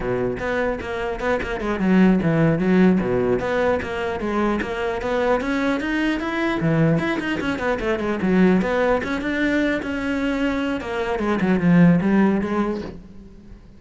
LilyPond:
\new Staff \with { instrumentName = "cello" } { \time 4/4 \tempo 4 = 150 b,4 b4 ais4 b8 ais8 | gis8 fis4 e4 fis4 b,8~ | b,8 b4 ais4 gis4 ais8~ | ais8 b4 cis'4 dis'4 e'8~ |
e'8 e4 e'8 dis'8 cis'8 b8 a8 | gis8 fis4 b4 cis'8 d'4~ | d'8 cis'2~ cis'8 ais4 | gis8 fis8 f4 g4 gis4 | }